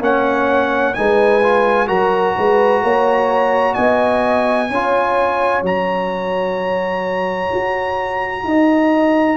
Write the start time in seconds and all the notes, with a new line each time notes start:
0.00 A#3 C#4 C#5 F#5
0.94 G#3 D#4 B4 G#5
1.43 F4
1.87 F#3 F#4 A#4 A#5
2.36 G#3 B4
2.83 A#3 C#5
3.74 B3 D#5 G#5
4.69 C#4 F4 C#5
5.63 F#3 F#4 A#5
7.53 F#4
8.44 D#4 D#5